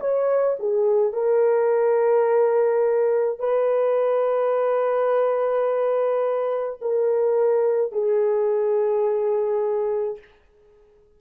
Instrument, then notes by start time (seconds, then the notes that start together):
horn
0.00 C#5
0.59 G#4
1.13 A#4
3.39 B4
6.81 A#4
7.92 G#4